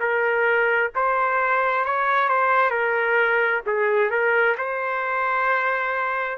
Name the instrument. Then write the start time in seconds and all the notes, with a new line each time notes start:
trumpet
0.00 A#4
0.95 C5
1.86 C#5
2.29 C5
2.71 A#4
3.67 G#4
4.10 A#4
4.58 C5